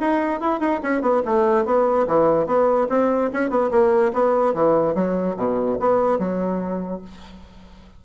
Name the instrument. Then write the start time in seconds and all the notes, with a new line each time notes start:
bassoon
0.00 D#4
0.40 E4
0.60 D#4
0.83 C#4
1.02 B3
1.25 A3
1.65 B3
2.07 E3
2.46 B3
2.89 C4
3.33 C#4
3.50 B3
3.71 A#3
4.13 B3
4.54 E3
4.95 F#3
5.37 B2
5.80 B3
6.19 F#3